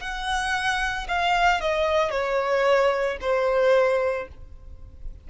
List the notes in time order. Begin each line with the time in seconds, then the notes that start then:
0.00 F#5
1.08 F5
1.61 D#5
2.11 C#5
3.21 C5